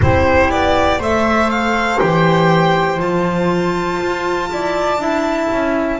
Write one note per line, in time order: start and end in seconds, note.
0.01 0.50 C4
0.01 1.01 E4
0.01 0.98 G4
0.01 0.50 C5
0.50 0.99 B3
0.50 1.00 D5
0.98 1.99 A3
0.98 2.00 A4
0.98 4.48 C5
0.98 1.50 E5
1.50 1.99 F5
1.99 2.99 E3
1.99 2.98 G4
1.99 2.99 G5
2.98 3.99 F3
2.98 4.98 F4
2.98 6.00 A5
4.00 4.50 F4
4.51 4.97 E4
4.51 5.00 D5
4.97 5.47 D4
4.97 5.99 E4
4.97 6.00 E5
5.51 6.00 C#4